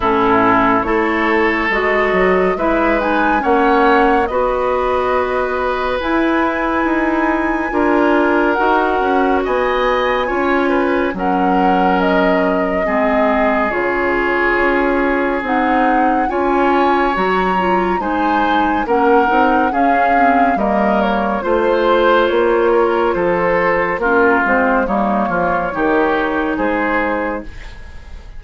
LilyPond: <<
  \new Staff \with { instrumentName = "flute" } { \time 4/4 \tempo 4 = 70 a'4 cis''4 dis''4 e''8 gis''8 | fis''4 dis''2 gis''4~ | gis''2 fis''4 gis''4~ | gis''4 fis''4 dis''2 |
cis''2 fis''4 gis''4 | ais''4 gis''4 fis''4 f''4 | dis''8 cis''8 c''4 cis''4 c''4 | ais'8 c''8 cis''2 c''4 | }
  \new Staff \with { instrumentName = "oboe" } { \time 4/4 e'4 a'2 b'4 | cis''4 b'2.~ | b'4 ais'2 dis''4 | cis''8 b'8 ais'2 gis'4~ |
gis'2. cis''4~ | cis''4 c''4 ais'4 gis'4 | ais'4 c''4. ais'8 a'4 | f'4 dis'8 f'8 g'4 gis'4 | }
  \new Staff \with { instrumentName = "clarinet" } { \time 4/4 cis'4 e'4 fis'4 e'8 dis'8 | cis'4 fis'2 e'4~ | e'4 f'4 fis'2 | f'4 cis'2 c'4 |
f'2 dis'4 f'4 | fis'8 f'8 dis'4 cis'8 dis'8 cis'8 c'8 | ais4 f'2. | cis'8 c'8 ais4 dis'2 | }
  \new Staff \with { instrumentName = "bassoon" } { \time 4/4 a,4 a4 gis8 fis8 gis4 | ais4 b2 e'4 | dis'4 d'4 dis'8 cis'8 b4 | cis'4 fis2 gis4 |
cis4 cis'4 c'4 cis'4 | fis4 gis4 ais8 c'8 cis'4 | g4 a4 ais4 f4 | ais8 gis8 g8 f8 dis4 gis4 | }
>>